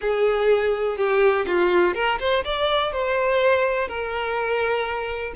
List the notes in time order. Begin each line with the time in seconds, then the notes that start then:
0.01 G#4
0.97 G4
1.46 F4
1.94 A#4
2.19 C5
2.44 D5
2.92 C5
3.88 A#4